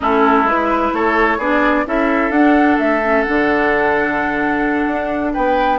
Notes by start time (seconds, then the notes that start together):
0.00 A3 C#4 E4 A4
0.43 G#3 E4 B4
0.93 A3 A4 C#5
1.37 B3 D4 G#4 D5
1.86 C#4 E4 A4 E5
2.30 D4 F#5
2.78 A3 E5
3.03 C#4
3.22 D4 F#5
3.28 D3
4.86 D4
5.33 B3 B4 G5